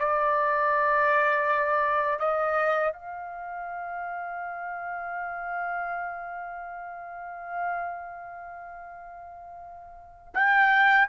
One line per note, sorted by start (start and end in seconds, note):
0.00 2.20 D5
2.20 2.93 D#5
2.93 10.34 F5
10.34 11.08 G5